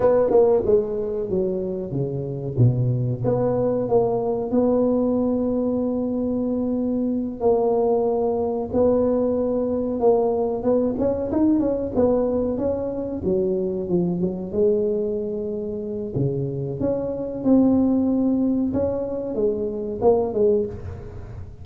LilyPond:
\new Staff \with { instrumentName = "tuba" } { \time 4/4 \tempo 4 = 93 b8 ais8 gis4 fis4 cis4 | b,4 b4 ais4 b4~ | b2.~ b8 ais8~ | ais4. b2 ais8~ |
ais8 b8 cis'8 dis'8 cis'8 b4 cis'8~ | cis'8 fis4 f8 fis8 gis4.~ | gis4 cis4 cis'4 c'4~ | c'4 cis'4 gis4 ais8 gis8 | }